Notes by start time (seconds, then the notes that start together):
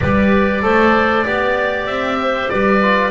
0.00 G3 G4 B4 D5
0.62 A3 A4 C5
1.24 B3 G4 D5
1.86 C4 E5
2.21 C5
2.49 G3 B4 D5
2.82 F4